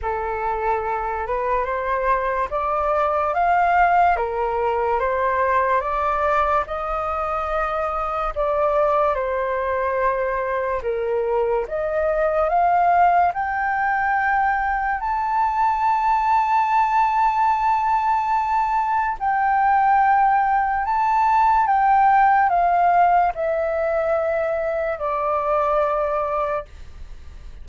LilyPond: \new Staff \with { instrumentName = "flute" } { \time 4/4 \tempo 4 = 72 a'4. b'8 c''4 d''4 | f''4 ais'4 c''4 d''4 | dis''2 d''4 c''4~ | c''4 ais'4 dis''4 f''4 |
g''2 a''2~ | a''2. g''4~ | g''4 a''4 g''4 f''4 | e''2 d''2 | }